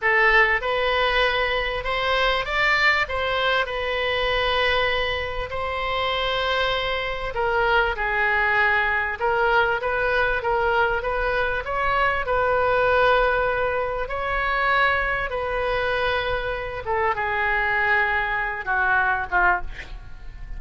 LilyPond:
\new Staff \with { instrumentName = "oboe" } { \time 4/4 \tempo 4 = 98 a'4 b'2 c''4 | d''4 c''4 b'2~ | b'4 c''2. | ais'4 gis'2 ais'4 |
b'4 ais'4 b'4 cis''4 | b'2. cis''4~ | cis''4 b'2~ b'8 a'8 | gis'2~ gis'8 fis'4 f'8 | }